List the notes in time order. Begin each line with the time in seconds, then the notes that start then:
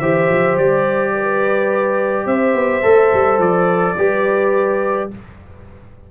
0.00 E3 G4 C5 E5
0.30 F3
0.56 G3 D5
1.15 B4
2.26 C4 C5 E5
2.54 B3
2.82 A3 A4
3.13 G3
3.38 F3 D5
3.97 G3 G4 B4